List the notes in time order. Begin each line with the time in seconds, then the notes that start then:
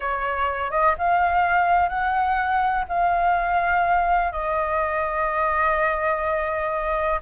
0.00 C#5
0.70 D#5
0.97 F5
1.89 F#5
2.88 F5
4.32 D#5